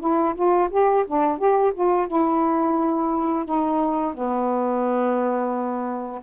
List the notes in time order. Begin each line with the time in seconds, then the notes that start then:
0.00 E4
0.35 F4
0.71 G4
1.07 D4
1.38 G4
1.75 F4
2.07 E4
3.45 D#4
4.14 B3